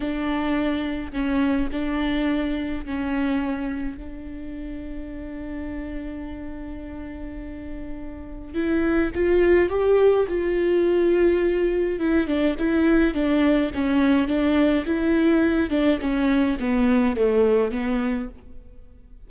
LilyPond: \new Staff \with { instrumentName = "viola" } { \time 4/4 \tempo 4 = 105 d'2 cis'4 d'4~ | d'4 cis'2 d'4~ | d'1~ | d'2. e'4 |
f'4 g'4 f'2~ | f'4 e'8 d'8 e'4 d'4 | cis'4 d'4 e'4. d'8 | cis'4 b4 a4 b4 | }